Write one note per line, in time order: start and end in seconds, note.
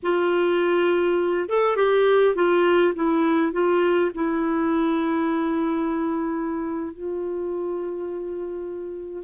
0.02 1.49 F4
1.49 1.76 A4
1.76 2.35 G4
2.35 2.94 F4
2.94 3.52 E4
3.52 4.11 F4
4.14 6.93 E4
6.93 9.23 F4